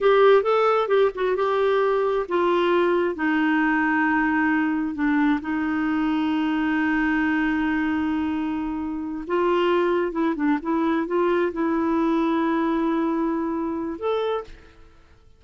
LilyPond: \new Staff \with { instrumentName = "clarinet" } { \time 4/4 \tempo 4 = 133 g'4 a'4 g'8 fis'8 g'4~ | g'4 f'2 dis'4~ | dis'2. d'4 | dis'1~ |
dis'1~ | dis'8 f'2 e'8 d'8 e'8~ | e'8 f'4 e'2~ e'8~ | e'2. a'4 | }